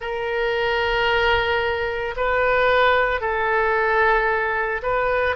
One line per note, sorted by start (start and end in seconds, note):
0.00 2.14 A#4
2.16 3.20 B4
3.20 4.81 A4
4.82 5.36 B4